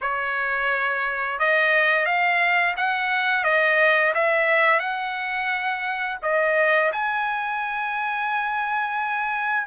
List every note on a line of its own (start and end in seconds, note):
0.01 1.39 C#5
1.39 2.05 D#5
2.05 2.74 F5
2.76 3.44 F#5
3.44 4.13 D#5
4.14 4.79 E5
4.79 6.17 F#5
6.22 6.91 D#5
6.92 9.66 G#5